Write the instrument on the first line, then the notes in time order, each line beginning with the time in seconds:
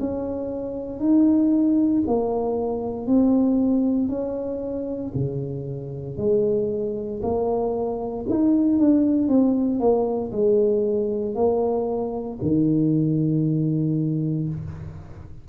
tuba
0.00 C#4
1.00 D#4
2.07 A#3
3.07 C4
4.09 C#4
5.15 C#3
6.18 G#3
7.23 A#3
8.29 D#4
8.79 D4
9.28 C4
9.80 A#3
10.32 G#3
11.35 A#3
12.42 D#3